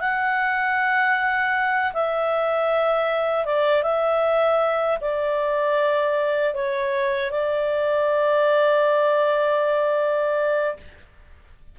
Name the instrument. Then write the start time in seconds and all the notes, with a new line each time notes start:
clarinet
0.00 F#5
1.93 E5
3.45 D5
3.83 E5
5.01 D5
6.54 C#5
7.31 D5